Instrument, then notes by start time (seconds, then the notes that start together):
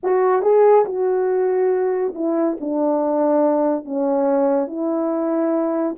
horn
0.03 F#4
0.42 G#4
0.85 F#4
2.14 E4
2.60 D4
3.84 C#4
4.67 E4